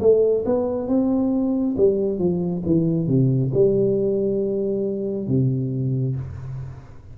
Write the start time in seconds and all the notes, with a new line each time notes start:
0.00 A3
0.45 B3
0.87 C4
1.77 G3
2.19 F3
2.66 E3
3.07 C3
3.54 G3
5.27 C3